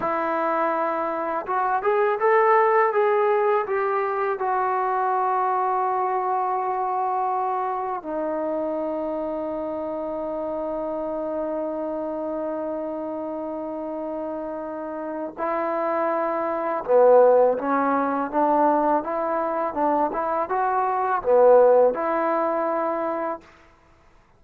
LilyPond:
\new Staff \with { instrumentName = "trombone" } { \time 4/4 \tempo 4 = 82 e'2 fis'8 gis'8 a'4 | gis'4 g'4 fis'2~ | fis'2. dis'4~ | dis'1~ |
dis'1~ | dis'4 e'2 b4 | cis'4 d'4 e'4 d'8 e'8 | fis'4 b4 e'2 | }